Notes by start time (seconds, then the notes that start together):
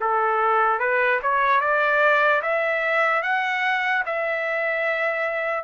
0.00 A4
0.79 B4
1.22 C#5
1.60 D5
2.42 E5
3.22 F#5
4.05 E5